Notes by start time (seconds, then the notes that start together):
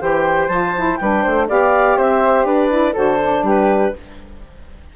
0.00 E3 G4 C5 G5
0.48 F3 F4 A5
0.77 E4
0.97 G3 D4 B4 G5
1.23 A3 C5
1.49 B3 G4 D5 F5
1.98 C4 C5 E5
2.45 D4 B4 D5
2.70 E4
2.93 D3 F#4 A4 C5
3.22 D4
3.43 G3 G4 B4